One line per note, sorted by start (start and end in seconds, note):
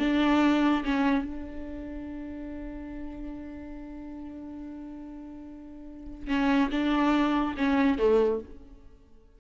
0.00 0.84 D4
0.85 1.25 C#4
1.25 6.28 D4
6.28 6.70 C#4
6.71 7.55 D4
7.57 7.99 C#4
7.99 8.41 A3